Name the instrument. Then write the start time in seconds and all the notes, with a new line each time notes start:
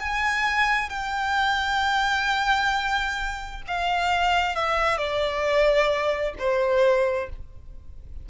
violin
0.00 G#5
0.89 G5
3.67 F5
4.55 E5
4.98 D5
6.38 C5